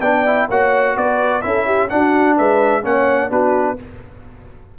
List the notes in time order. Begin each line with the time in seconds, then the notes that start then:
0.00 B3 D4 D5 G5
0.26 E4
0.49 A#3 F#4 C#5 F#5
0.96 B3 B4 D5
1.41 C#4 E4 A4 E5
1.66 G4
1.89 D4 F#4 F#5
2.37 G#3 B4 E5
2.82 A#3 C#4 C#5 F#5
3.29 B3 D4 F#4 B4